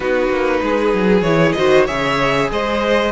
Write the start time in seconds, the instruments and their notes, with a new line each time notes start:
0.00 cello B3, viola D#4, violin F#4 B4
0.29 cello A#3
0.62 cello G#3, violin G#4
0.93 cello F#3
1.21 cello E3, viola E4, violin C#5
1.52 cello D#3, viola F#4, violin C5 D#5
1.86 cello C#3, viola G#4, violin C#5 E5
2.50 cello G#3, violin C5 D#5